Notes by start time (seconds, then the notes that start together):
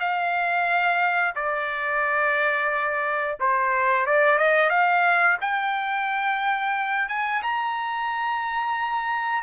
0.00 F5
1.35 D5
3.40 C5
4.07 D5
4.38 D#5
4.70 F5
5.41 G5
7.09 G#5
7.43 A#5